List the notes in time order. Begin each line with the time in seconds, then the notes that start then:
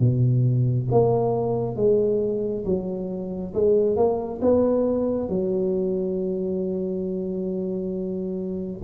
0.00 B2
0.91 A#3
1.76 G#3
2.66 F#3
3.54 G#3
3.96 A#3
4.42 B3
5.29 F#3